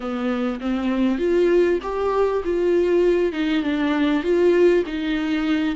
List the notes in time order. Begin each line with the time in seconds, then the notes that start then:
0.00 B3
0.60 C4
1.18 F4
1.82 G4
2.44 F4
3.32 D#4
3.62 D4
4.23 F4
4.86 D#4